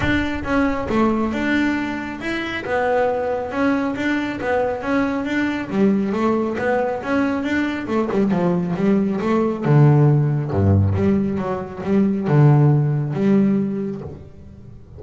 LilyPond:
\new Staff \with { instrumentName = "double bass" } { \time 4/4 \tempo 4 = 137 d'4 cis'4 a4 d'4~ | d'4 e'4 b2 | cis'4 d'4 b4 cis'4 | d'4 g4 a4 b4 |
cis'4 d'4 a8 g8 f4 | g4 a4 d2 | g,4 g4 fis4 g4 | d2 g2 | }